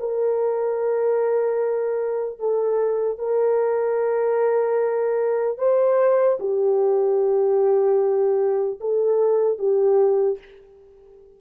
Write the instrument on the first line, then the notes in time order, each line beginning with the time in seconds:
horn
0.00 A#4
2.40 A4
3.19 A#4
5.58 C5
6.40 G4
8.80 A4
9.59 G4